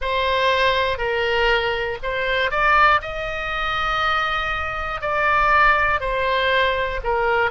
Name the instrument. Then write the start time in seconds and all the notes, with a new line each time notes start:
oboe
0.00 C5
0.97 A#4
2.03 C5
2.50 D5
3.01 D#5
5.00 D5
6.00 C5
7.03 A#4